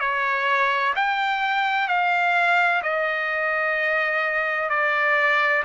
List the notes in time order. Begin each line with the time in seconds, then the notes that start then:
0.00 C#5
0.96 G5
1.88 F5
2.83 D#5
4.70 D5